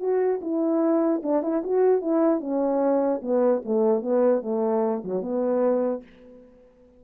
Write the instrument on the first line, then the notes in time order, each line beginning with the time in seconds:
horn
0.00 F#4
0.42 E4
1.23 D4
1.43 E4
1.64 F#4
2.02 E4
2.41 C#4
3.22 B3
3.65 A3
4.02 B3
4.42 A3
5.04 F#3
5.23 B3